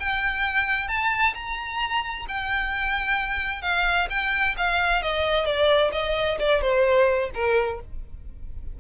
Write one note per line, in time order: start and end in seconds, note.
0.00 0.88 G5
0.88 1.34 A5
1.34 2.26 A#5
2.28 3.62 G5
3.62 4.08 F5
4.10 4.56 G5
4.58 5.02 F5
5.02 5.45 D#5
5.45 5.91 D5
5.93 6.38 D#5
6.40 6.62 D5
6.62 7.30 C5
7.34 7.80 A#4